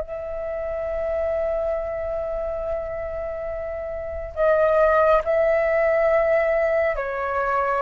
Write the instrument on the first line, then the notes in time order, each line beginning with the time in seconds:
flute
0.00 E5
4.35 D#5
5.24 E5
6.96 C#5